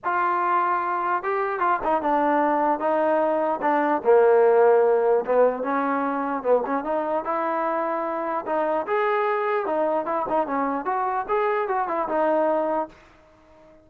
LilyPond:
\new Staff \with { instrumentName = "trombone" } { \time 4/4 \tempo 4 = 149 f'2. g'4 | f'8 dis'8 d'2 dis'4~ | dis'4 d'4 ais2~ | ais4 b4 cis'2 |
b8 cis'8 dis'4 e'2~ | e'4 dis'4 gis'2 | dis'4 e'8 dis'8 cis'4 fis'4 | gis'4 fis'8 e'8 dis'2 | }